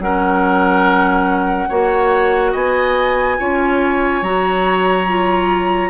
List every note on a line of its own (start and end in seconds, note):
0.00 1.69 F#3
0.00 1.70 C#4
0.00 1.69 A#4
0.00 2.54 F#5
1.69 2.55 A#3
1.69 3.39 F#4
1.69 2.52 C#5
2.52 3.39 B3
2.52 3.37 D#5
2.52 4.23 G#5
3.39 4.22 C#4
3.39 4.24 F4
3.39 5.90 C#5
4.22 5.90 F#3
4.22 5.08 F#4
4.22 5.90 A#5
5.08 5.90 F4